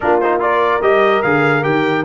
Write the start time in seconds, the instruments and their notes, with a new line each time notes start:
0.00 tuba A#3, trombone D4, horn F4, trumpet A#4
0.20 trombone D#4, trumpet C5
0.39 trombone F4, horn A#4, trumpet D5
0.81 tuba G3, trombone G4, trumpet D#5
1.22 tuba D3, trombone G#4, trumpet F5
1.62 tuba D#3, trombone G4, trumpet G5